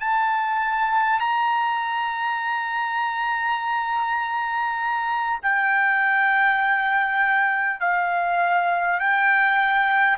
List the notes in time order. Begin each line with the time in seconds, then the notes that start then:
0.00 A5
1.19 A#5
5.42 G5
7.80 F5
9.00 G5